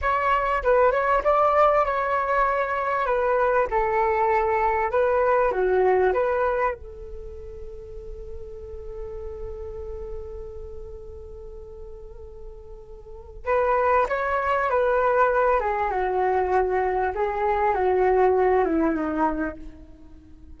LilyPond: \new Staff \with { instrumentName = "flute" } { \time 4/4 \tempo 4 = 98 cis''4 b'8 cis''8 d''4 cis''4~ | cis''4 b'4 a'2 | b'4 fis'4 b'4 a'4~ | a'1~ |
a'1~ | a'2 b'4 cis''4 | b'4. gis'8 fis'2 | gis'4 fis'4. e'8 dis'4 | }